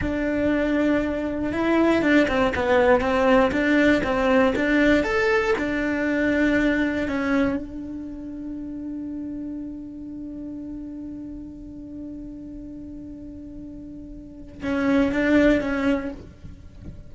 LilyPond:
\new Staff \with { instrumentName = "cello" } { \time 4/4 \tempo 4 = 119 d'2. e'4 | d'8 c'8 b4 c'4 d'4 | c'4 d'4 a'4 d'4~ | d'2 cis'4 d'4~ |
d'1~ | d'1~ | d'1~ | d'4 cis'4 d'4 cis'4 | }